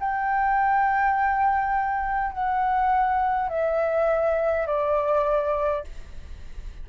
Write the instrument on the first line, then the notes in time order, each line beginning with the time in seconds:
flute
0.00 G5
2.33 F#5
3.49 E5
4.67 D5